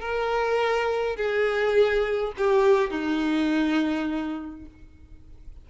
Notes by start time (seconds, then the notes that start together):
0.00 A#4
1.16 G#4
2.37 G4
2.90 D#4